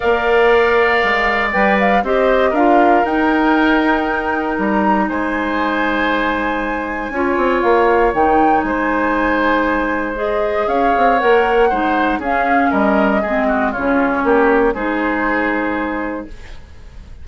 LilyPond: <<
  \new Staff \with { instrumentName = "flute" } { \time 4/4 \tempo 4 = 118 f''2. g''8 f''8 | dis''4 f''4 g''2~ | g''4 ais''4 gis''2~ | gis''2. f''4 |
g''4 gis''2. | dis''4 f''4 fis''2 | f''4 dis''2 cis''4~ | cis''4 c''2. | }
  \new Staff \with { instrumentName = "oboe" } { \time 4/4 d''1 | c''4 ais'2.~ | ais'2 c''2~ | c''2 cis''2~ |
cis''4 c''2.~ | c''4 cis''2 c''4 | gis'4 ais'4 gis'8 fis'8 f'4 | g'4 gis'2. | }
  \new Staff \with { instrumentName = "clarinet" } { \time 4/4 ais'2. b'4 | g'4 f'4 dis'2~ | dis'1~ | dis'2 f'2 |
dis'1 | gis'2 ais'4 dis'4 | cis'2 c'4 cis'4~ | cis'4 dis'2. | }
  \new Staff \with { instrumentName = "bassoon" } { \time 4/4 ais2 gis4 g4 | c'4 d'4 dis'2~ | dis'4 g4 gis2~ | gis2 cis'8 c'8 ais4 |
dis4 gis2.~ | gis4 cis'8 c'8 ais4 gis4 | cis'4 g4 gis4 cis4 | ais4 gis2. | }
>>